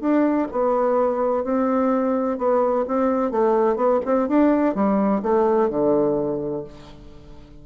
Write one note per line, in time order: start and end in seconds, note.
0.00 0.47 D4
0.52 1.44 B3
1.44 2.38 C4
2.38 2.85 B3
2.87 3.31 C4
3.31 3.76 A3
3.76 3.99 B3
4.05 4.28 C4
4.28 4.75 D4
4.75 5.22 G3
5.22 5.69 A3
5.69 6.64 D3